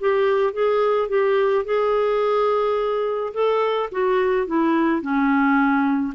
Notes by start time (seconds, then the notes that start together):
0.00 G4
0.53 G#4
1.09 G4
1.65 G#4
3.34 A4
3.92 F#4
4.47 E4
5.01 C#4